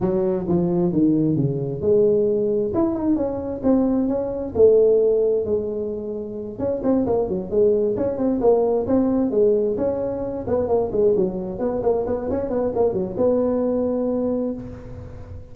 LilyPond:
\new Staff \with { instrumentName = "tuba" } { \time 4/4 \tempo 4 = 132 fis4 f4 dis4 cis4 | gis2 e'8 dis'8 cis'4 | c'4 cis'4 a2 | gis2~ gis8 cis'8 c'8 ais8 |
fis8 gis4 cis'8 c'8 ais4 c'8~ | c'8 gis4 cis'4. b8 ais8 | gis8 fis4 b8 ais8 b8 cis'8 b8 | ais8 fis8 b2. | }